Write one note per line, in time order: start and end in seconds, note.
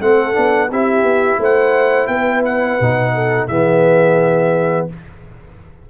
0.00 0.35 A3
0.00 0.33 C4
0.00 0.70 A4
0.00 0.71 F#5
0.33 0.71 B3
0.33 0.68 D4
0.70 1.02 C4
0.70 2.80 E4
0.70 1.40 G4
0.70 1.42 E5
1.02 1.37 B3
1.39 2.07 A3
1.39 2.10 C5
1.39 2.07 F#5
2.07 2.77 B3
2.07 3.14 B4
2.07 2.42 G5
2.44 3.47 F#5
2.80 3.48 B2
2.80 3.50 D#4
3.14 3.49 A4
3.47 4.88 E3
3.47 4.89 B3
3.47 4.88 G#4
3.47 4.87 E5